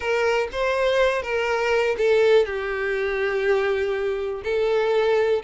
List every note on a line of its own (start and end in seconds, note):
0.00 0.48 A#4
0.51 1.22 C5
1.22 1.96 A#4
1.97 2.45 A4
2.45 4.42 G4
4.44 5.42 A4